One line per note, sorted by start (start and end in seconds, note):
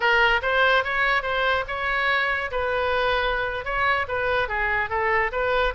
0.00 0.41 A#4
0.42 0.83 C5
0.84 1.22 C#5
1.22 1.64 C5
1.67 2.51 C#5
2.51 3.64 B4
3.64 4.06 C#5
4.07 4.48 B4
4.48 4.89 G#4
4.89 5.31 A4
5.32 5.73 B4